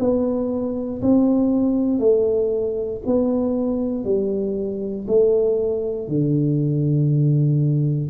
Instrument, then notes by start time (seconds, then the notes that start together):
tuba
0.00 B3
1.02 C4
2.00 A3
3.06 B3
4.05 G3
5.08 A3
6.08 D3